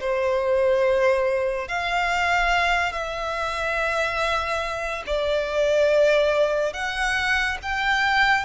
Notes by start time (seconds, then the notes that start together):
0.00 C5
1.68 F5
2.93 E5
5.07 D5
6.73 F#5
7.62 G5